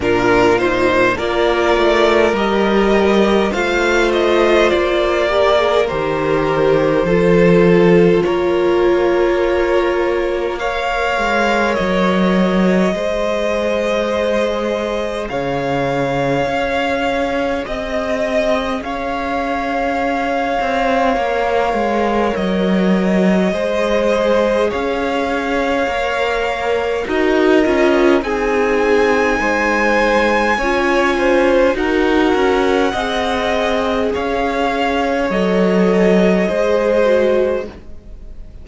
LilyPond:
<<
  \new Staff \with { instrumentName = "violin" } { \time 4/4 \tempo 4 = 51 ais'8 c''8 d''4 dis''4 f''8 dis''8 | d''4 c''2 cis''4~ | cis''4 f''4 dis''2~ | dis''4 f''2 dis''4 |
f''2. dis''4~ | dis''4 f''2 dis''4 | gis''2. fis''4~ | fis''4 f''4 dis''2 | }
  \new Staff \with { instrumentName = "violin" } { \time 4/4 f'4 ais'2 c''4~ | c''8 ais'4. a'4 ais'4~ | ais'4 cis''2 c''4~ | c''4 cis''2 dis''4 |
cis''1 | c''4 cis''2 ais'4 | gis'4 c''4 cis''8 c''8 ais'4 | dis''4 cis''2 c''4 | }
  \new Staff \with { instrumentName = "viola" } { \time 4/4 d'8 dis'8 f'4 g'4 f'4~ | f'8 g'16 gis'16 g'4 f'2~ | f'4 ais'2 gis'4~ | gis'1~ |
gis'2 ais'2 | gis'2 ais'4 fis'8 f'8 | dis'2 f'4 fis'4 | gis'2 a'4 gis'8 fis'8 | }
  \new Staff \with { instrumentName = "cello" } { \time 4/4 ais,4 ais8 a8 g4 a4 | ais4 dis4 f4 ais4~ | ais4. gis8 fis4 gis4~ | gis4 cis4 cis'4 c'4 |
cis'4. c'8 ais8 gis8 fis4 | gis4 cis'4 ais4 dis'8 cis'8 | c'4 gis4 cis'4 dis'8 cis'8 | c'4 cis'4 fis4 gis4 | }
>>